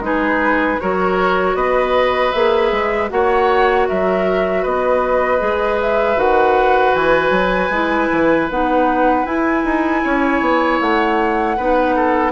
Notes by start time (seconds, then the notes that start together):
0.00 G#3 D#4 G#4 B4
0.80 F#3 F#4 A#4 C#5
1.55 B3 B4 D#5
2.32 A#3 G#4 E5
2.72 G#3
3.09 A#3 F#4 C#5 F#5
3.88 F#3 A#4 E5
4.62 B3 B4 D#5
5.39 G#3 G#4
5.82 E5
6.16 D#3 F#4 F#5
6.94 E3 G#5
7.31 F#3
7.70 G#3 E4
8.12 E3
8.50 B3 D#4 F#5
9.25 E4 G#5
9.65 D#4
10.04 C#4 C#5
10.41 B3
10.81 A3 F#5
11.57 B3 D#4 B4
11.96 A4